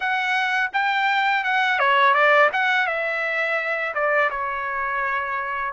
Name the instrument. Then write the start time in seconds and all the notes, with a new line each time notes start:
trumpet
0.00 F#5
0.73 G5
1.44 F#5
1.79 C#5
2.14 D5
2.52 F#5
2.86 E5
3.94 D5
4.30 C#5